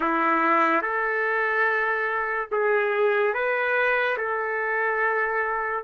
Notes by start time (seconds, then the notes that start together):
0.00 E4
0.81 A4
2.51 G#4
3.33 B4
4.17 A4